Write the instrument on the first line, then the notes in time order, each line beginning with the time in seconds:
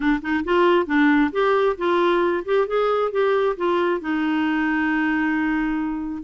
clarinet
0.00 D4
0.22 D#4
0.44 F4
0.86 D4
1.32 G4
1.77 F4
2.45 G4
2.67 G#4
3.11 G4
3.56 F4
4.00 D#4